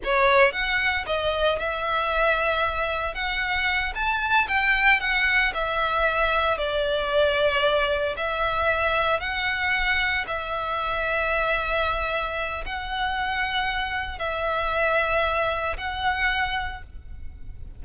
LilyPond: \new Staff \with { instrumentName = "violin" } { \time 4/4 \tempo 4 = 114 cis''4 fis''4 dis''4 e''4~ | e''2 fis''4. a''8~ | a''8 g''4 fis''4 e''4.~ | e''8 d''2. e''8~ |
e''4. fis''2 e''8~ | e''1 | fis''2. e''4~ | e''2 fis''2 | }